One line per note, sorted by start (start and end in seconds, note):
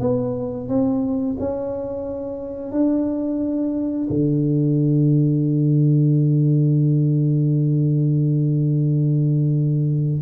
0.00 0.68 B3
0.68 1.36 C4
1.39 2.72 C#4
2.72 4.08 D4
4.10 10.22 D3